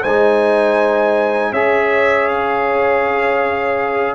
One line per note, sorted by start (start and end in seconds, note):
0.00 1.52 G#3
0.00 1.50 C5
0.00 1.53 G#5
0.06 1.54 D#4
1.51 4.14 C#4
1.51 4.15 G#4
1.51 4.13 C#5
1.51 2.28 E5
2.28 4.15 F5